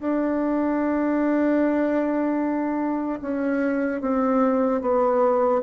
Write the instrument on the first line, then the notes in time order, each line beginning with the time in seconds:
bassoon
0.00 D4
3.22 C#4
4.02 C4
4.81 B3